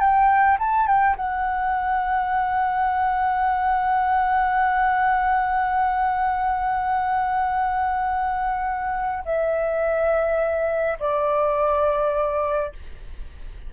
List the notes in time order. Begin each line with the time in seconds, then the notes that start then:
0.00 G5
0.59 A5
0.87 G5
1.16 F#5
9.25 E5
10.99 D5